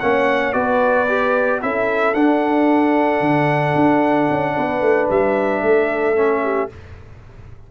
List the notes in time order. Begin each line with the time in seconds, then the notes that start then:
0.00 A#3 C#4 C#5 F#5
0.53 B3 F#4 B4 D5
1.08 G4
1.61 C#4 E4 A4 E5
2.14 D4 F#5
3.20 D3
3.75 D4
4.30 C#4
4.55 B3 B4
4.81 A3
5.10 G3 E5
5.62 A3 A4
6.16 C#4
6.43 G4